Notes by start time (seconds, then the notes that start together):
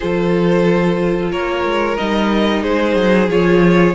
0.00 F3 F4 A4 C5
1.30 A#3 A#4 C#5
1.64 G#3
1.97 G3 D#4 D#5
2.62 G#3 G#4 C5
2.95 F#3
3.28 F3 F4 C#5